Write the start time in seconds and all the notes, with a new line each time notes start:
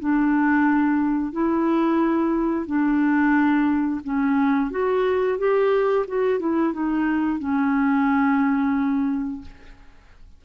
0.00 D4
1.32 E4
2.66 D4
4.04 C#4
4.71 F#4
5.38 G4
6.08 F#4
6.40 E4
6.73 D#4
7.39 C#4